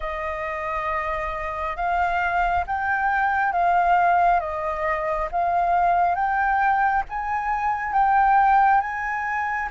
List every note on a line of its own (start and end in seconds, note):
0.00 1.76 D#5
1.76 2.64 F5
2.67 3.52 G5
3.52 4.40 F5
4.40 5.28 D#5
5.31 6.15 F5
6.15 7.03 G5
7.09 7.92 G#5
7.92 8.80 G5
8.80 9.69 G#5